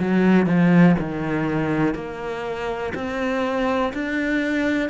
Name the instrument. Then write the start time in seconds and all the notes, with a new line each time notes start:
cello
0.00 F#3
0.46 F3
0.99 D#3
1.94 A#3
2.95 C4
3.93 D4